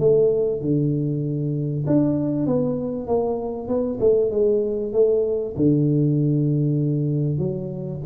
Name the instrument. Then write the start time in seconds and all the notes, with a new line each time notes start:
tuba
0.00 A3
0.62 D3
1.87 D4
2.47 B3
3.08 A#3
3.68 B3
4.00 A3
4.31 G#3
4.93 A3
5.57 D3
7.39 F#3